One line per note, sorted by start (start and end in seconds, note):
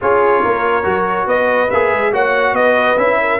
0.01 0.44 C#4
0.01 0.83 F4
0.01 0.42 G#4
0.01 1.27 C#5
0.42 0.85 A#3
0.42 1.27 A#4
0.83 1.26 F#3
0.83 1.68 F#4
1.26 1.68 B3
1.26 2.12 B4
1.26 1.70 D#5
1.70 1.92 A#3
1.70 2.12 G#4
1.70 2.13 E5
1.92 2.13 G#3
2.12 2.52 A#3
2.12 2.97 F#4
2.12 2.55 C#5
2.12 2.55 F#5
2.52 2.95 B3
2.52 3.20 B4
2.52 2.98 D#5
2.97 3.39 C#4
2.97 3.39 E4
2.97 3.39 E5
3.20 3.39 A#4